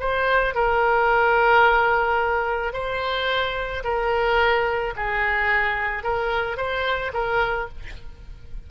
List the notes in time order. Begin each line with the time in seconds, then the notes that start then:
0.00 C5
0.55 A#4
2.73 C5
3.84 A#4
4.96 G#4
6.04 A#4
6.57 C5
7.13 A#4